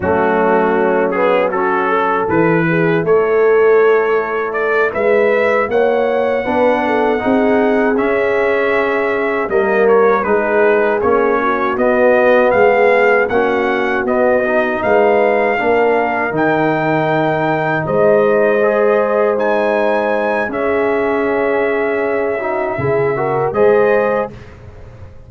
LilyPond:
<<
  \new Staff \with { instrumentName = "trumpet" } { \time 4/4 \tempo 4 = 79 fis'4. gis'8 a'4 b'4 | cis''2 d''8 e''4 fis''8~ | fis''2~ fis''8 e''4.~ | e''8 dis''8 cis''8 b'4 cis''4 dis''8~ |
dis''8 f''4 fis''4 dis''4 f''8~ | f''4. g''2 dis''8~ | dis''4. gis''4. e''4~ | e''2. dis''4 | }
  \new Staff \with { instrumentName = "horn" } { \time 4/4 cis'2 fis'8 a'4 gis'8 | a'2~ a'8 b'4 cis''8~ | cis''8 b'8 a'8 gis'2~ gis'8~ | gis'8 ais'4 gis'4. fis'4~ |
fis'8 gis'4 fis'2 b'8~ | b'8 ais'2. c''8~ | c''2. gis'4~ | gis'4. fis'8 gis'8 ais'8 c''4 | }
  \new Staff \with { instrumentName = "trombone" } { \time 4/4 a4. b8 cis'4 e'4~ | e'1~ | e'8 d'4 dis'4 cis'4.~ | cis'8 ais4 dis'4 cis'4 b8~ |
b4. cis'4 b8 dis'4~ | dis'8 d'4 dis'2~ dis'8~ | dis'8 gis'4 dis'4. cis'4~ | cis'4. dis'8 e'8 fis'8 gis'4 | }
  \new Staff \with { instrumentName = "tuba" } { \time 4/4 fis2. e4 | a2~ a8 gis4 ais8~ | ais8 b4 c'4 cis'4.~ | cis'8 g4 gis4 ais4 b8~ |
b8 gis4 ais4 b4 gis8~ | gis8 ais4 dis2 gis8~ | gis2. cis'4~ | cis'2 cis4 gis4 | }
>>